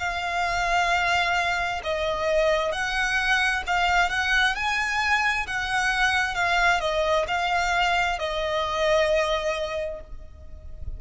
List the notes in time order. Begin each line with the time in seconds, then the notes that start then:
0.00 F5
1.84 D#5
2.73 F#5
3.67 F5
4.10 F#5
4.56 G#5
5.48 F#5
6.36 F5
6.81 D#5
7.28 F5
8.19 D#5